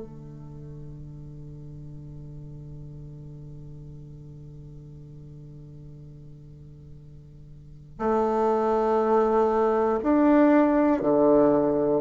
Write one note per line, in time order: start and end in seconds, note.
0.00 7.99 D3
7.99 9.99 A3
10.03 11.01 D4
11.01 12.01 D3